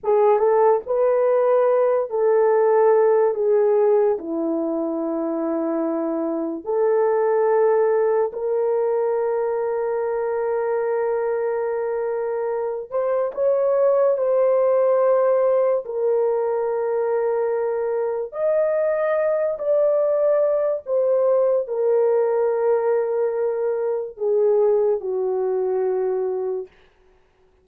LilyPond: \new Staff \with { instrumentName = "horn" } { \time 4/4 \tempo 4 = 72 gis'8 a'8 b'4. a'4. | gis'4 e'2. | a'2 ais'2~ | ais'2.~ ais'8 c''8 |
cis''4 c''2 ais'4~ | ais'2 dis''4. d''8~ | d''4 c''4 ais'2~ | ais'4 gis'4 fis'2 | }